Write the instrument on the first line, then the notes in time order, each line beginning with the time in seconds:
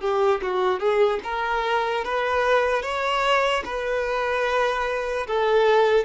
violin
0.00 G4
0.42 F#4
0.79 G#4
1.23 A#4
2.04 B4
2.82 C#5
3.64 B4
5.27 A4